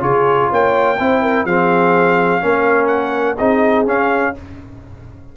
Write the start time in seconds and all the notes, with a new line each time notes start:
0.00 C#3 F4 G#4 C#5
0.50 A#3 C#5 G5
0.99 C4 E4 C5
1.22 A#4
1.45 F3 C4 G#4 F5
2.40 A#3 C#4 A#4
2.87 F#5
3.37 C4 D#4 G#4 D#5
3.86 C#4 F5